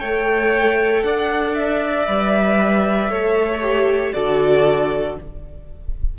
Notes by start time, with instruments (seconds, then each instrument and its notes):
0.00 cello A3, viola A4, violin C#5 G5
1.03 cello D4, violin D5 F#5
1.55 violin E5
2.06 cello G3, viola B4
3.09 cello A3, viola A4, violin C#5
3.62 viola G4
4.13 cello D3, viola F#4, violin A4 D5